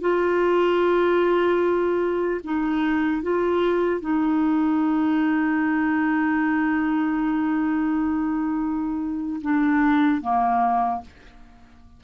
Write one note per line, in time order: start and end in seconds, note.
0.00 2.40 F4
2.43 3.22 D#4
3.22 4.00 F4
4.00 9.40 D#4
9.41 10.21 D4
10.21 11.01 A#3